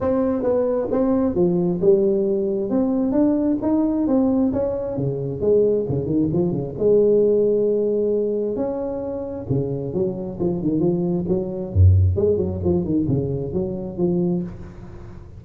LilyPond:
\new Staff \with { instrumentName = "tuba" } { \time 4/4 \tempo 4 = 133 c'4 b4 c'4 f4 | g2 c'4 d'4 | dis'4 c'4 cis'4 cis4 | gis4 cis8 dis8 f8 cis8 gis4~ |
gis2. cis'4~ | cis'4 cis4 fis4 f8 dis8 | f4 fis4 fis,4 gis8 fis8 | f8 dis8 cis4 fis4 f4 | }